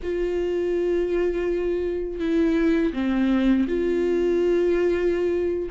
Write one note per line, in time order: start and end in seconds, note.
0.02 2.20 F4
2.20 2.93 E4
2.93 3.66 C4
3.68 5.69 F4